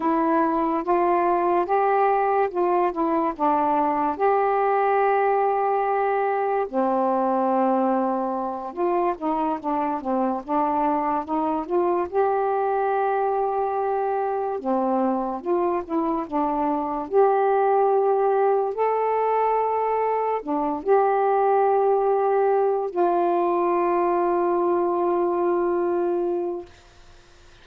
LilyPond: \new Staff \with { instrumentName = "saxophone" } { \time 4/4 \tempo 4 = 72 e'4 f'4 g'4 f'8 e'8 | d'4 g'2. | c'2~ c'8 f'8 dis'8 d'8 | c'8 d'4 dis'8 f'8 g'4.~ |
g'4. c'4 f'8 e'8 d'8~ | d'8 g'2 a'4.~ | a'8 d'8 g'2~ g'8 f'8~ | f'1 | }